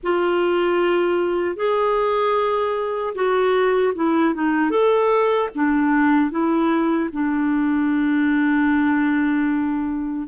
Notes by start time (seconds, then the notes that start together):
0.03 F4
1.56 G#4
3.14 F#4
3.95 E4
4.34 D#4
4.70 A4
5.55 D4
6.30 E4
7.12 D4